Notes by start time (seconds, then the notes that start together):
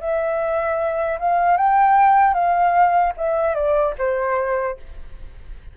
0.00 E5
1.19 F5
1.57 G5
2.34 F5
3.17 E5
3.55 D5
3.98 C5